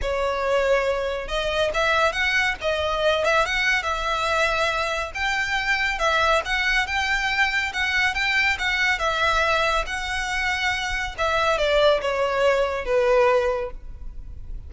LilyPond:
\new Staff \with { instrumentName = "violin" } { \time 4/4 \tempo 4 = 140 cis''2. dis''4 | e''4 fis''4 dis''4. e''8 | fis''4 e''2. | g''2 e''4 fis''4 |
g''2 fis''4 g''4 | fis''4 e''2 fis''4~ | fis''2 e''4 d''4 | cis''2 b'2 | }